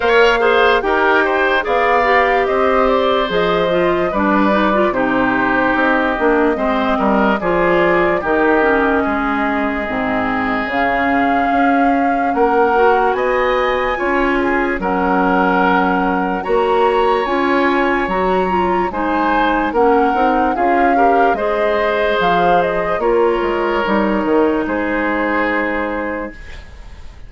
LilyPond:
<<
  \new Staff \with { instrumentName = "flute" } { \time 4/4 \tempo 4 = 73 f''4 g''4 f''4 dis''8 d''8 | dis''4 d''4 c''4 dis''4~ | dis''4 d''4 dis''2~ | dis''4 f''2 fis''4 |
gis''2 fis''2 | ais''4 gis''4 ais''4 gis''4 | fis''4 f''4 dis''4 f''8 dis''8 | cis''2 c''2 | }
  \new Staff \with { instrumentName = "oboe" } { \time 4/4 cis''8 c''8 ais'8 c''8 d''4 c''4~ | c''4 b'4 g'2 | c''8 ais'8 gis'4 g'4 gis'4~ | gis'2. ais'4 |
dis''4 cis''8 gis'8 ais'2 | cis''2. c''4 | ais'4 gis'8 ais'8 c''2 | ais'2 gis'2 | }
  \new Staff \with { instrumentName = "clarinet" } { \time 4/4 ais'8 gis'8 g'4 gis'8 g'4. | gis'8 f'8 d'8 dis'16 f'16 dis'4. d'8 | c'4 f'4 dis'8 cis'4. | c'4 cis'2~ cis'8 fis'8~ |
fis'4 f'4 cis'2 | fis'4 f'4 fis'8 f'8 dis'4 | cis'8 dis'8 f'8 g'8 gis'2 | f'4 dis'2. | }
  \new Staff \with { instrumentName = "bassoon" } { \time 4/4 ais4 dis'4 b4 c'4 | f4 g4 c4 c'8 ais8 | gis8 g8 f4 dis4 gis4 | gis,4 cis4 cis'4 ais4 |
b4 cis'4 fis2 | ais4 cis'4 fis4 gis4 | ais8 c'8 cis'4 gis4 f4 | ais8 gis8 g8 dis8 gis2 | }
>>